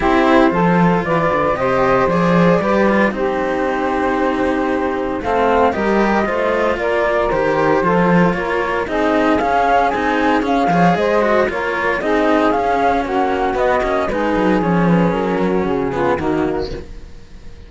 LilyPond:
<<
  \new Staff \with { instrumentName = "flute" } { \time 4/4 \tempo 4 = 115 c''2 d''4 dis''4 | d''2 c''2~ | c''2 f''4 dis''4~ | dis''4 d''4 c''2 |
cis''4 dis''4 f''4 gis''4 | f''4 dis''4 cis''4 dis''4 | f''4 fis''4 dis''4 b'4 | cis''8 b'8 ais'4 gis'4 fis'4 | }
  \new Staff \with { instrumentName = "saxophone" } { \time 4/4 g'4 a'4 b'4 c''4~ | c''4 b'4 g'2~ | g'2 a'4 ais'4 | c''4 ais'2 a'4 |
ais'4 gis'2.~ | gis'8 cis''8 c''4 ais'4 gis'4~ | gis'4 fis'2 gis'4~ | gis'4. fis'4 f'8 dis'4 | }
  \new Staff \with { instrumentName = "cello" } { \time 4/4 e'4 f'2 g'4 | gis'4 g'8 f'8 dis'2~ | dis'2 c'4 g'4 | f'2 g'4 f'4~ |
f'4 dis'4 cis'4 dis'4 | cis'8 gis'4 fis'8 f'4 dis'4 | cis'2 b8 cis'8 dis'4 | cis'2~ cis'8 b8 ais4 | }
  \new Staff \with { instrumentName = "cello" } { \time 4/4 c'4 f4 e8 d8 c4 | f4 g4 c'2~ | c'2 a4 g4 | a4 ais4 dis4 f4 |
ais4 c'4 cis'4 c'4 | cis'8 f8 gis4 ais4 c'4 | cis'4 ais4 b8 ais8 gis8 fis8 | f4 fis4 cis4 dis4 | }
>>